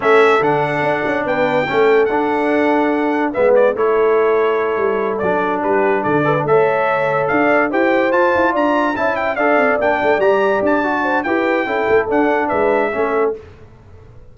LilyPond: <<
  \new Staff \with { instrumentName = "trumpet" } { \time 4/4 \tempo 4 = 144 e''4 fis''2 g''4~ | g''4 fis''2. | e''8 d''8 cis''2.~ | cis''8 d''4 b'4 d''4 e''8~ |
e''4. f''4 g''4 a''8~ | a''8 ais''4 a''8 g''8 f''4 g''8~ | g''8 ais''4 a''4. g''4~ | g''4 fis''4 e''2 | }
  \new Staff \with { instrumentName = "horn" } { \time 4/4 a'2. b'4 | a'1 | b'4 a'2.~ | a'4. g'4 a'8 b'8 cis''8~ |
cis''4. d''4 c''4.~ | c''8 d''4 e''4 d''4.~ | d''2~ d''8 c''8 b'4 | a'2 b'4 a'4 | }
  \new Staff \with { instrumentName = "trombone" } { \time 4/4 cis'4 d'2. | cis'4 d'2. | b4 e'2.~ | e'8 d'2~ d'8 a'16 d'16 a'8~ |
a'2~ a'8 g'4 f'8~ | f'4. e'4 a'4 d'8~ | d'8 g'4. fis'4 g'4 | e'4 d'2 cis'4 | }
  \new Staff \with { instrumentName = "tuba" } { \time 4/4 a4 d4 d'8 cis'8 b4 | a4 d'2. | gis4 a2~ a8 g8~ | g8 fis4 g4 d4 a8~ |
a4. d'4 e'4 f'8 | e'8 d'4 cis'4 d'8 c'8 ais8 | a8 g4 d'4. e'4 | cis'8 a8 d'4 gis4 a4 | }
>>